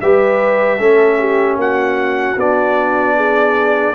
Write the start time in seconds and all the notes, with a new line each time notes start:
0.00 G3 G4 B4 E5
0.78 A3 C#4 A4
1.19 G4
1.56 A#3 F#4 F#5
2.36 B3 D4 D5
3.16 G#4